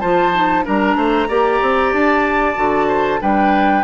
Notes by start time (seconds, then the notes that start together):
0.00 F3 F4 C5 A5
0.33 D#4
0.64 G3 D4 A#4 A#5
0.96 A3 C5
1.28 A#3 G4 D5
1.61 C4
1.93 D4 A5
2.55 D3 F#4
2.88 C5
3.20 G3 D4 B4 G5